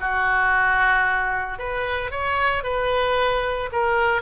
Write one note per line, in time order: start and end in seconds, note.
0.00 1.59 F#4
1.59 2.11 B4
2.11 2.64 C#5
2.64 3.70 B4
3.72 4.22 A#4